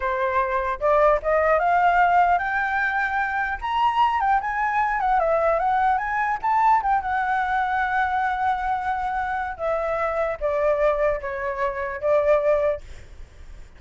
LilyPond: \new Staff \with { instrumentName = "flute" } { \time 4/4 \tempo 4 = 150 c''2 d''4 dis''4 | f''2 g''2~ | g''4 ais''4. g''8 gis''4~ | gis''8 fis''8 e''4 fis''4 gis''4 |
a''4 g''8 fis''2~ fis''8~ | fis''1 | e''2 d''2 | cis''2 d''2 | }